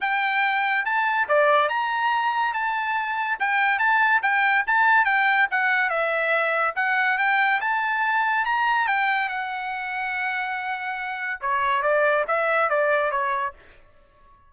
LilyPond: \new Staff \with { instrumentName = "trumpet" } { \time 4/4 \tempo 4 = 142 g''2 a''4 d''4 | ais''2 a''2 | g''4 a''4 g''4 a''4 | g''4 fis''4 e''2 |
fis''4 g''4 a''2 | ais''4 g''4 fis''2~ | fis''2. cis''4 | d''4 e''4 d''4 cis''4 | }